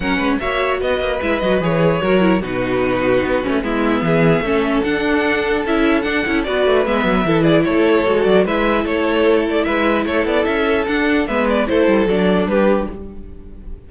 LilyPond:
<<
  \new Staff \with { instrumentName = "violin" } { \time 4/4 \tempo 4 = 149 fis''4 e''4 dis''4 e''8 dis''8 | cis''2 b'2~ | b'4 e''2. | fis''2 e''4 fis''4 |
d''4 e''4. d''8 cis''4~ | cis''8 d''8 e''4 cis''4. d''8 | e''4 cis''8 d''8 e''4 fis''4 | e''8 d''8 c''4 d''4 b'4 | }
  \new Staff \with { instrumentName = "violin" } { \time 4/4 ais'8 b'8 cis''4 b'2~ | b'4 ais'4 fis'2~ | fis'4 e'4 gis'4 a'4~ | a'1 |
b'2 a'8 gis'8 a'4~ | a'4 b'4 a'2 | b'4 a'2. | b'4 a'2 g'4 | }
  \new Staff \with { instrumentName = "viola" } { \time 4/4 cis'4 fis'2 e'8 fis'8 | gis'4 fis'8 e'8 dis'2~ | dis'8 cis'8 b2 cis'4 | d'2 e'4 d'8 e'8 |
fis'4 b4 e'2 | fis'4 e'2.~ | e'2. d'4 | b4 e'4 d'2 | }
  \new Staff \with { instrumentName = "cello" } { \time 4/4 fis8 gis8 ais4 b8 ais8 gis8 fis8 | e4 fis4 b,2 | b8 a8 gis4 e4 a4 | d'2 cis'4 d'8 cis'8 |
b8 a8 gis8 fis8 e4 a4 | gis8 fis8 gis4 a2 | gis4 a8 b8 cis'4 d'4 | gis4 a8 g8 fis4 g4 | }
>>